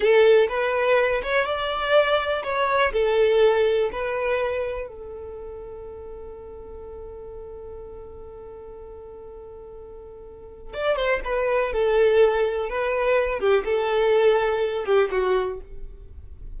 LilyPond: \new Staff \with { instrumentName = "violin" } { \time 4/4 \tempo 4 = 123 a'4 b'4. cis''8 d''4~ | d''4 cis''4 a'2 | b'2 a'2~ | a'1~ |
a'1~ | a'2 d''8 c''8 b'4 | a'2 b'4. g'8 | a'2~ a'8 g'8 fis'4 | }